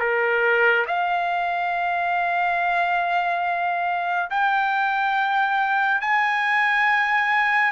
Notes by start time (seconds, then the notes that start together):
0.00 A#4
0.87 F5
4.31 G5
6.02 G#5